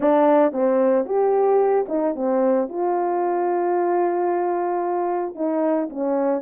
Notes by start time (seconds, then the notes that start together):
0.00 D4
0.52 C4
1.05 G4
1.88 D#4
2.15 C4
2.68 F4
5.35 D#4
5.89 C#4